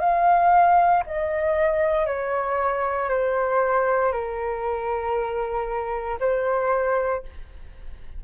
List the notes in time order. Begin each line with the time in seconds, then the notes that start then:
0.00 F5
1.07 D#5
2.07 C#5
3.10 C5
4.12 A#4
6.20 C5